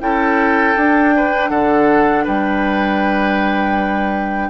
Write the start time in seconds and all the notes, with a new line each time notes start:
0.00 C#4 E4 A4 G5
0.76 D4
1.16 B4
1.49 D3 A4 F#5
2.24 G3 B4 G5